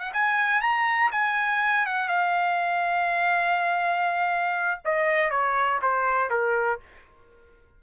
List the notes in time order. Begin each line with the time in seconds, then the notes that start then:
0.00 F#5
0.14 G#5
0.62 A#5
1.12 G#5
1.86 F#5
2.09 F5
4.85 D#5
5.31 C#5
5.82 C5
6.30 A#4